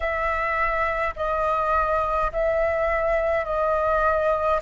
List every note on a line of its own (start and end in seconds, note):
0.00 1.14 E5
1.15 2.31 D#5
2.32 3.45 E5
3.45 4.60 D#5